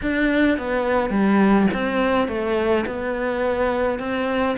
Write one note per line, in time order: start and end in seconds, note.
0.02 0.58 D4
0.58 1.10 B3
1.10 1.67 G3
1.73 2.28 C4
2.28 2.85 A3
2.86 3.99 B3
3.99 4.56 C4